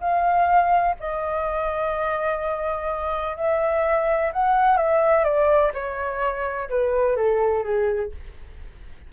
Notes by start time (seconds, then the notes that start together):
0.00 F5
1.00 D#5
3.36 E5
4.32 F#5
4.76 E5
5.24 D5
5.73 C#5
6.69 B4
7.16 A4
7.63 G#4